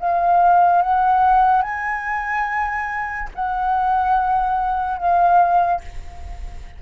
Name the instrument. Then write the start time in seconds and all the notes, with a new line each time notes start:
flute
0.00 F5
0.82 F#5
1.62 G#5
3.35 F#5
4.98 F5